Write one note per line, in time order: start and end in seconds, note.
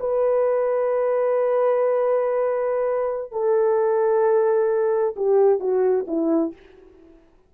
0.00 3.32 B4
3.32 5.15 A4
5.16 5.60 G4
5.60 6.06 F#4
6.07 6.53 E4